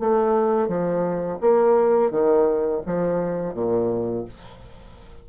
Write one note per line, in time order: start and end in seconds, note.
0.00 0.68 A3
0.68 1.39 F3
1.41 2.11 A#3
2.11 2.81 D#3
2.86 3.55 F3
3.55 4.25 A#2